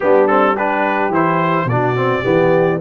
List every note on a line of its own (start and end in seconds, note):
0.00 1.09 G3
0.00 0.28 B3
0.00 0.54 D4
0.00 0.27 G4
0.27 0.56 C4
0.27 0.55 A4
0.54 1.12 D4
0.54 1.66 G4
0.54 1.13 B4
1.09 1.65 E3
1.09 1.68 E4
1.09 1.68 C5
1.65 2.21 B2
1.65 1.95 D4
1.65 2.23 F#4
1.65 2.80 D5
1.95 2.23 C4
2.23 2.81 E3
2.23 2.79 B3
2.23 2.79 G4